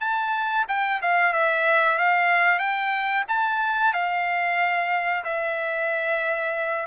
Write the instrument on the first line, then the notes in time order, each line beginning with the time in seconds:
trumpet
0.00 A5
0.68 G5
1.01 F5
1.33 E5
1.98 F5
2.59 G5
3.28 A5
3.93 F5
5.24 E5